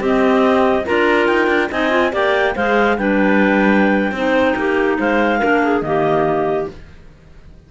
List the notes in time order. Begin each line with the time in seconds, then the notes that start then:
0.00 C4 G4 D#5
0.85 D4 F4 A#4 A#5
1.27 D#4 G5
1.47 D4
1.71 C4 D#4 D#5 G#5
1.90 F4
2.12 A#3 G4 D5 G5
2.55 G#3 G#4 C5 F5
2.97 G3 D4 B4 G5
4.11 C4 D#4 C5
4.56 A#3 G4
4.98 G#3 C5 F5
5.40 A#3 D4 A#4
5.63 G#4
5.81 D#3 A#3 G4 D#5